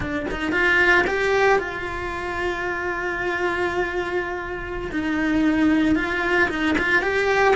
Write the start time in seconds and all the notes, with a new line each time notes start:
0.00 D4
0.30 D#4
0.51 F4
1.07 G4
1.59 F4
4.91 D#4
5.95 F4
6.49 D#4
6.78 F4
7.01 G4